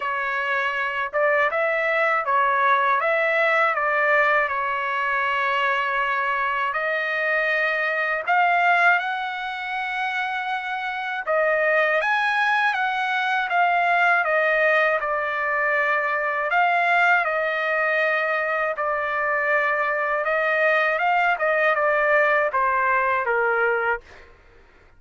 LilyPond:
\new Staff \with { instrumentName = "trumpet" } { \time 4/4 \tempo 4 = 80 cis''4. d''8 e''4 cis''4 | e''4 d''4 cis''2~ | cis''4 dis''2 f''4 | fis''2. dis''4 |
gis''4 fis''4 f''4 dis''4 | d''2 f''4 dis''4~ | dis''4 d''2 dis''4 | f''8 dis''8 d''4 c''4 ais'4 | }